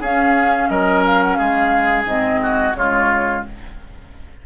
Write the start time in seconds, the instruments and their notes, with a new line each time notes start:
0.00 bassoon C#4, clarinet C#4, oboe G#4, flute F5
0.69 bassoon F#3, oboe A#4, flute D#5
1.06 flute F5
1.23 flute F#5
1.35 bassoon G#3, oboe G#4, flute F5
2.05 bassoon G#2, clarinet C4, flute D#5
2.43 oboe F#4
2.75 bassoon C#3, clarinet G#3, oboe F4, flute C#5